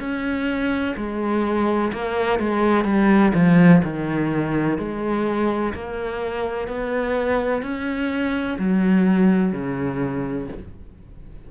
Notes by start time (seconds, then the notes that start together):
0.00 C#4
0.97 G#3
1.93 A#3
2.40 G#3
2.85 G3
3.35 F3
3.84 D#3
4.78 G#3
5.74 A#3
6.68 B3
7.63 C#4
8.59 F#3
9.53 C#3